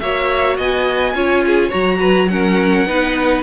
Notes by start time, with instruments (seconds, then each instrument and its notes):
0.00 cello A#3, viola F#4, violin C#5 E5
0.57 cello B3, violin D#5 G#5
1.14 cello C#4, viola F4, violin C#5
1.47 violin G#4
1.68 cello F#3, viola F#4, violin C#5 A#5
2.00 violin B4
2.28 viola C#4, violin A#4 F#5
2.86 cello B3, viola D#4, violin B4